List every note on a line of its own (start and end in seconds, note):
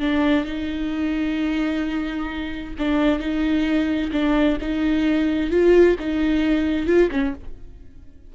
0.00 0.45 D4
0.45 2.74 D#4
2.79 3.20 D4
3.20 4.11 D#4
4.12 4.58 D4
4.61 5.51 D#4
5.51 5.96 F4
6.00 6.87 D#4
6.87 7.10 F4
7.12 7.34 C#4